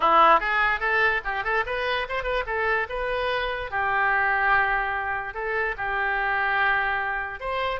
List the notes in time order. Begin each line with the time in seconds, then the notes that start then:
0.00 E4
0.40 G#4
0.80 A4
1.24 G4
1.43 A4
1.66 B4
2.08 C5
2.23 B4
2.46 A4
2.89 B4
3.71 G4
5.34 A4
5.77 G4
7.40 C5